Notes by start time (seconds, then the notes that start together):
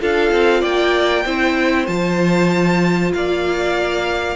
0.00 D4 F4 A4 F5
0.32 C4
0.61 A#3 D5 G5
1.25 C4 E4 C5
1.87 F3 F4 A5
3.14 A#3 D5 F5